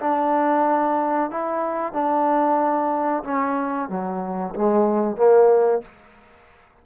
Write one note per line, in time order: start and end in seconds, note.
0.00 1.30 D4
1.30 1.93 E4
1.93 3.23 D4
3.24 3.89 C#4
3.89 4.54 F#3
4.55 5.16 G#3
5.16 5.82 A#3